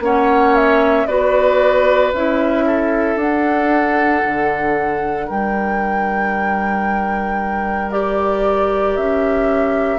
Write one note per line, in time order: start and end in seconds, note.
0.00 1.05 A#3
0.00 1.07 C#4
0.00 1.07 C#5
0.00 0.55 F#5
0.55 1.07 E5
1.07 2.12 B3
1.07 2.13 F#4
1.07 2.65 B4
1.07 2.12 D5
2.13 3.16 C#4
2.13 3.19 E4
2.13 3.18 E5
2.66 5.26 A4
3.16 4.21 D4
3.16 7.91 D4
3.16 5.28 F#5
4.25 5.29 D3
5.26 8.97 G3
5.26 9.98 A#4
5.26 7.91 G5
7.91 9.98 G4
7.91 8.96 D5
8.96 9.98 C#4
8.96 9.98 E5